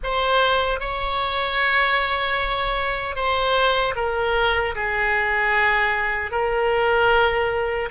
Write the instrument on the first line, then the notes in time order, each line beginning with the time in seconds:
oboe
0.03 C5
0.79 C#5
3.15 C5
3.95 A#4
4.75 G#4
6.31 A#4